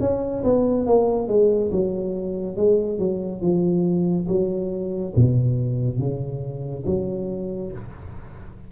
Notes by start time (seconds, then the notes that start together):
0.00 C#4
0.44 B3
0.86 A#3
1.28 G#3
1.72 F#3
2.56 G#3
2.99 F#3
3.41 F3
4.28 F#3
5.16 B2
5.99 C#3
6.86 F#3